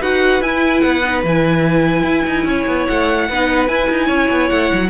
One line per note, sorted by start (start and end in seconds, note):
0.00 0.41 D#4
0.00 0.42 F#4
0.00 2.45 B4
0.00 0.43 F#5
0.41 0.82 E4
0.41 1.03 E4
0.41 0.81 G#5
0.81 1.24 B3
0.81 1.22 F#5
1.04 1.24 D#4
1.24 2.04 E3
1.24 3.31 E4
1.24 2.87 G#5
2.04 2.24 E4
2.27 2.45 D#4
2.45 2.65 C#4
2.45 3.29 C#5
2.67 2.88 B3
2.87 3.30 A3
2.87 3.68 F#5
3.29 3.69 B3
3.29 3.69 D#4
3.29 4.07 B4
3.68 4.90 E4
3.68 3.89 E4
3.68 4.49 G#5
3.90 4.09 D#4
4.07 4.30 C#4
4.07 4.89 C#5
4.31 4.51 B3
4.50 4.72 A3
4.50 4.90 F#5
4.74 4.90 F#3